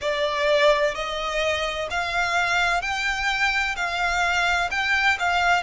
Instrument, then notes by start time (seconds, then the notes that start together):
violin
0.01 D5
0.94 D#5
1.90 F5
2.81 G5
3.75 F5
4.70 G5
5.19 F5